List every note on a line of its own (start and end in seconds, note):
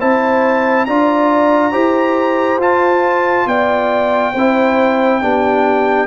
0.00 0.87 C4
0.00 0.88 E4
0.00 0.87 C5
0.00 0.86 A5
0.86 1.74 D4
0.86 1.73 F4
0.86 1.73 D5
0.86 2.60 A#5
1.73 2.58 E4
1.73 2.60 G4
1.73 3.47 C5
2.58 3.45 F4
2.58 4.35 F4
2.58 3.48 A5
3.47 4.34 B3
3.47 4.33 D5
3.47 6.07 G5
4.33 5.22 C4
4.33 5.22 E4
4.33 5.20 C5
5.22 6.07 B3
5.22 6.07 D4
5.22 6.07 G4